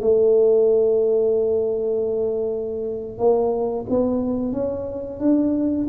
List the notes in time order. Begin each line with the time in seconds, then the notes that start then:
0.00 A3
3.18 A#3
3.89 B3
4.53 C#4
5.19 D4